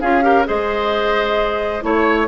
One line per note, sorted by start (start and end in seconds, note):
0.00 0.47 C#4
0.00 0.22 F4
0.00 0.23 G#4
0.00 0.45 F5
0.22 0.44 G4
0.22 0.46 A#4
0.45 1.83 G#3
0.45 1.81 G#4
0.45 1.84 C5
0.45 1.83 D#5
1.81 2.27 A3
1.81 2.26 E4
1.81 2.27 C#5